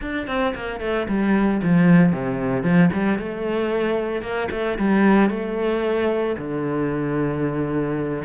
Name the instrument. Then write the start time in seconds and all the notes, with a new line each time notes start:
cello
0.01 D4
0.27 C4
0.55 A#3
0.80 A3
1.08 G3
1.62 F3
2.12 C3
2.63 F3
2.93 G3
3.18 A3
4.22 A#3
4.51 A3
4.78 G3
5.29 A3
6.37 D3